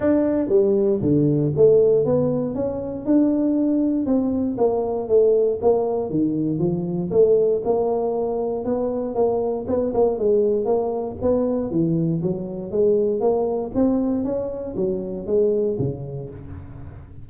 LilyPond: \new Staff \with { instrumentName = "tuba" } { \time 4/4 \tempo 4 = 118 d'4 g4 d4 a4 | b4 cis'4 d'2 | c'4 ais4 a4 ais4 | dis4 f4 a4 ais4~ |
ais4 b4 ais4 b8 ais8 | gis4 ais4 b4 e4 | fis4 gis4 ais4 c'4 | cis'4 fis4 gis4 cis4 | }